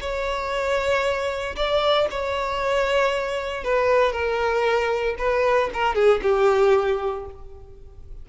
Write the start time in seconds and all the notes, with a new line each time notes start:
0.00 C#5
1.56 D5
2.10 C#5
3.63 B4
4.12 A#4
5.18 B4
5.73 A#4
5.95 G#4
6.22 G4